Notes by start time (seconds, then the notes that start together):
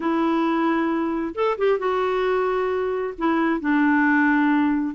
0.00 E4
1.35 A4
1.58 G4
1.78 F#4
3.18 E4
3.60 D4